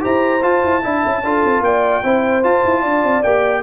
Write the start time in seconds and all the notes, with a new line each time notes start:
0.00 E4 G4 C5 A#5
0.42 F4 A5
0.64 E4
0.83 D4 E4 E5
1.05 C#4
1.24 D4 F4 A4
1.45 C4
1.60 A#3 D5 G5
2.03 C4 E4 C5
2.43 F4 A5
2.64 E4
2.81 D4 D5
3.03 C4
3.23 A#3 G4 G5